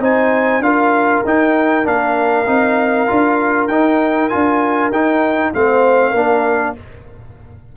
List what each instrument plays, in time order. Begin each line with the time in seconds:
0.00 tuba C4, trombone D#4, horn C5, trumpet G#5
0.60 tuba D4, trombone F4, horn A#4, trumpet F5
1.25 tuba D#4, trombone D#4, trumpet G5
1.84 tuba A#3, trombone D4, trumpet F5
2.47 tuba C4, trombone D#4
3.07 tuba D4, trombone F4
3.68 tuba D#4, trombone D#4, trumpet G5
4.29 tuba D4, trombone F4, trumpet G#5
4.90 tuba D#4, trombone D#4, trumpet G5
5.54 tuba A3, trombone C4, horn C5, trumpet F5
6.11 tuba A#3, trombone D4, horn A#4